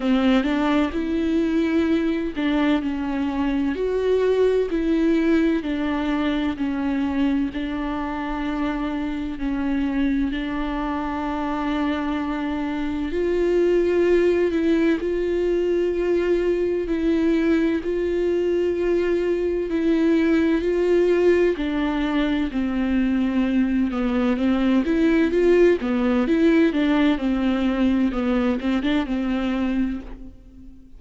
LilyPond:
\new Staff \with { instrumentName = "viola" } { \time 4/4 \tempo 4 = 64 c'8 d'8 e'4. d'8 cis'4 | fis'4 e'4 d'4 cis'4 | d'2 cis'4 d'4~ | d'2 f'4. e'8 |
f'2 e'4 f'4~ | f'4 e'4 f'4 d'4 | c'4. b8 c'8 e'8 f'8 b8 | e'8 d'8 c'4 b8 c'16 d'16 c'4 | }